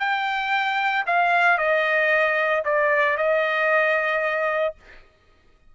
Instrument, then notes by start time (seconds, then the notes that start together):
trumpet
0.00 G5
1.06 F5
1.58 D#5
2.65 D5
3.17 D#5